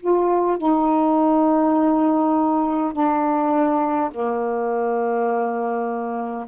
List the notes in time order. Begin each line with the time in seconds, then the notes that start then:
0.00 F4
0.58 D#4
2.93 D4
4.11 A#3